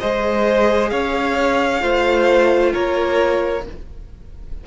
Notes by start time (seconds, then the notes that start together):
0.00 G#3 G#4 C5 D#5
0.89 C#4 C#5 F5
1.80 A3 F4 C5
2.73 A#3 A#4 C#5